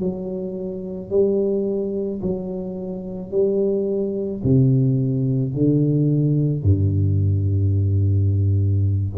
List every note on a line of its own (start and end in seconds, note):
0.00 1.10 F#3
1.10 2.21 G3
2.22 3.31 F#3
3.31 4.42 G3
4.43 5.54 C3
5.54 6.63 D3
6.63 9.13 G2